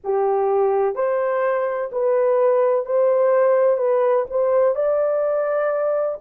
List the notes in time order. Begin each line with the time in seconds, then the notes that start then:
0.03 G4
0.95 C5
1.91 B4
2.85 C5
3.77 B4
4.30 C5
4.74 D5